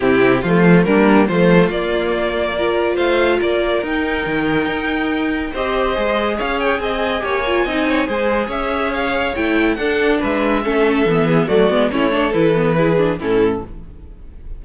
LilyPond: <<
  \new Staff \with { instrumentName = "violin" } { \time 4/4 \tempo 4 = 141 g'4 f'4 ais'4 c''4 | d''2. f''4 | d''4 g''2.~ | g''4 dis''2 f''8 g''8 |
gis''1 | e''4 f''4 g''4 fis''4 | e''2. d''4 | cis''4 b'2 a'4 | }
  \new Staff \with { instrumentName = "violin" } { \time 4/4 e'4 f'4 d'4 f'4~ | f'2 ais'4 c''4 | ais'1~ | ais'4 c''2 cis''4 |
dis''4 cis''4 dis''8 cis''8 c''4 | cis''2. a'4 | b'4 a'4. gis'8 fis'4 | e'8 a'4. gis'4 e'4 | }
  \new Staff \with { instrumentName = "viola" } { \time 4/4 c'4 a4 ais4 a4 | ais2 f'2~ | f'4 dis'2.~ | dis'4 g'4 gis'2~ |
gis'4 g'8 f'8 dis'4 gis'4~ | gis'2 e'4 d'4~ | d'4 cis'4 b4 a8 b8 | cis'8 d'8 e'8 b8 e'8 d'8 cis'4 | }
  \new Staff \with { instrumentName = "cello" } { \time 4/4 c4 f4 g4 f4 | ais2. a4 | ais4 dis'4 dis4 dis'4~ | dis'4 c'4 gis4 cis'4 |
c'4 ais4 c'4 gis4 | cis'2 a4 d'4 | gis4 a4 e4 fis8 gis8 | a4 e2 a,4 | }
>>